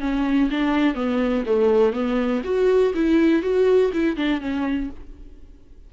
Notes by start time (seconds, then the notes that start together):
0.00 C#4
0.50 D4
0.95 B3
1.46 A3
1.92 B3
2.44 F#4
2.94 E4
3.42 F#4
3.93 E4
4.16 D4
4.41 C#4